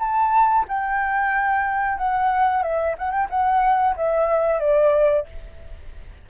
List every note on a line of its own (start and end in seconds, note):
0.00 0.66 A5
0.69 1.98 G5
1.98 2.63 F#5
2.63 2.96 E5
2.99 3.11 F#5
3.11 3.28 G5
3.30 3.96 F#5
3.97 4.60 E5
4.60 5.26 D5